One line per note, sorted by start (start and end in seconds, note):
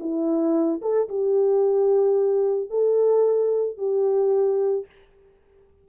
0.00 0.81 E4
0.82 1.09 A4
1.09 2.70 G4
2.70 3.78 A4
3.78 4.86 G4